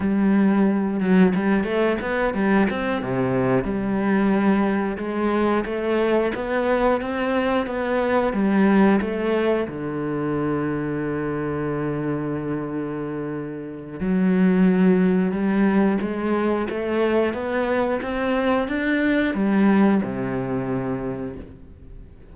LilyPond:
\new Staff \with { instrumentName = "cello" } { \time 4/4 \tempo 4 = 90 g4. fis8 g8 a8 b8 g8 | c'8 c4 g2 gis8~ | gis8 a4 b4 c'4 b8~ | b8 g4 a4 d4.~ |
d1~ | d4 fis2 g4 | gis4 a4 b4 c'4 | d'4 g4 c2 | }